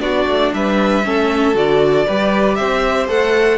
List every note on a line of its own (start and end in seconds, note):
0.00 0.26 B3
0.00 1.03 D4
0.00 0.53 F#4
0.00 0.51 D5
0.27 0.52 A3
0.53 1.05 G3
0.53 1.06 B4
0.53 1.56 E5
1.03 1.54 A3
1.03 1.54 C#4
1.03 2.06 A4
1.54 2.05 D3
1.54 2.05 F#4
1.54 2.55 D5
2.06 2.60 G3
2.06 3.08 G4
2.06 2.57 B4
2.55 3.08 C4
2.55 3.58 C5
2.55 3.06 E5
3.08 3.58 A3
3.08 3.58 A4
3.08 3.58 F#5